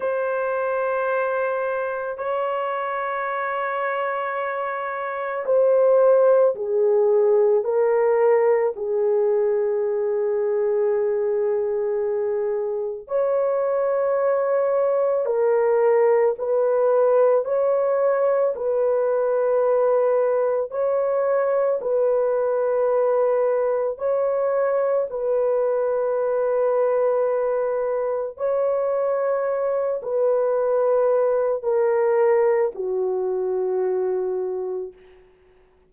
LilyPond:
\new Staff \with { instrumentName = "horn" } { \time 4/4 \tempo 4 = 55 c''2 cis''2~ | cis''4 c''4 gis'4 ais'4 | gis'1 | cis''2 ais'4 b'4 |
cis''4 b'2 cis''4 | b'2 cis''4 b'4~ | b'2 cis''4. b'8~ | b'4 ais'4 fis'2 | }